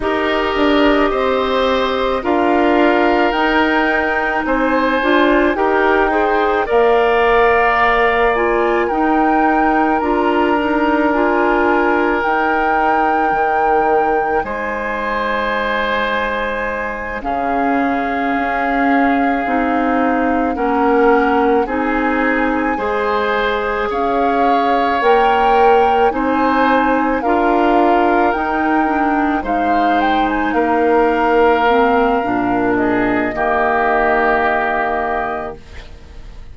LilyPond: <<
  \new Staff \with { instrumentName = "flute" } { \time 4/4 \tempo 4 = 54 dis''2 f''4 g''4 | gis''4 g''4 f''4. gis''8 | g''4 ais''4 gis''4 g''4~ | g''4 gis''2~ gis''8 f''8~ |
f''2~ f''8 fis''4 gis''8~ | gis''4. f''4 g''4 gis''8~ | gis''8 f''4 g''4 f''8 g''16 gis''16 f''8~ | f''4. dis''2~ dis''8 | }
  \new Staff \with { instrumentName = "oboe" } { \time 4/4 ais'4 c''4 ais'2 | c''4 ais'8 c''8 d''2 | ais'1~ | ais'4 c''2~ c''8 gis'8~ |
gis'2~ gis'8 ais'4 gis'8~ | gis'8 c''4 cis''2 c''8~ | c''8 ais'2 c''4 ais'8~ | ais'4. gis'8 g'2 | }
  \new Staff \with { instrumentName = "clarinet" } { \time 4/4 g'2 f'4 dis'4~ | dis'8 f'8 g'8 gis'8 ais'4. f'8 | dis'4 f'8 dis'8 f'4 dis'4~ | dis'2.~ dis'8 cis'8~ |
cis'4. dis'4 cis'4 dis'8~ | dis'8 gis'2 ais'4 dis'8~ | dis'8 f'4 dis'8 d'8 dis'4.~ | dis'8 c'8 d'4 ais2 | }
  \new Staff \with { instrumentName = "bassoon" } { \time 4/4 dis'8 d'8 c'4 d'4 dis'4 | c'8 d'8 dis'4 ais2 | dis'4 d'2 dis'4 | dis4 gis2~ gis8 cis8~ |
cis8 cis'4 c'4 ais4 c'8~ | c'8 gis4 cis'4 ais4 c'8~ | c'8 d'4 dis'4 gis4 ais8~ | ais4 ais,4 dis2 | }
>>